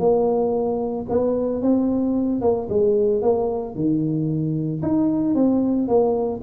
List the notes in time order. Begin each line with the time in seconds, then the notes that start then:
0.00 A#3
1.10 B3
1.62 C4
2.42 A#3
2.70 G#3
3.22 A#3
3.76 D#3
4.83 D#4
5.36 C4
5.88 A#3